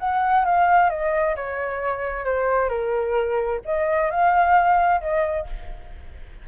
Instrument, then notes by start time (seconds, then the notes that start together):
flute
0.00 F#5
0.45 F5
0.90 D#5
1.36 C#5
2.25 C5
2.70 A#4
3.65 D#5
4.11 F5
5.01 D#5